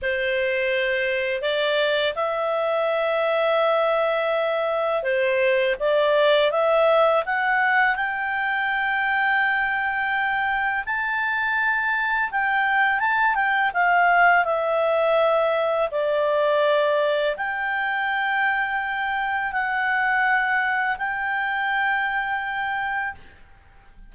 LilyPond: \new Staff \with { instrumentName = "clarinet" } { \time 4/4 \tempo 4 = 83 c''2 d''4 e''4~ | e''2. c''4 | d''4 e''4 fis''4 g''4~ | g''2. a''4~ |
a''4 g''4 a''8 g''8 f''4 | e''2 d''2 | g''2. fis''4~ | fis''4 g''2. | }